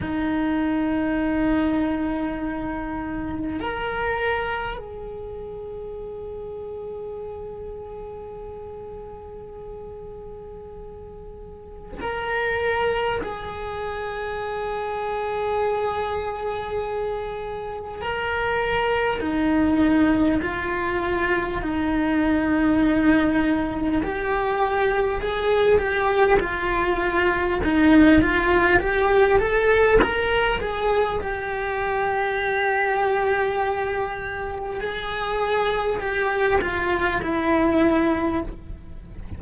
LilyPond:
\new Staff \with { instrumentName = "cello" } { \time 4/4 \tempo 4 = 50 dis'2. ais'4 | gis'1~ | gis'2 ais'4 gis'4~ | gis'2. ais'4 |
dis'4 f'4 dis'2 | g'4 gis'8 g'8 f'4 dis'8 f'8 | g'8 a'8 ais'8 gis'8 g'2~ | g'4 gis'4 g'8 f'8 e'4 | }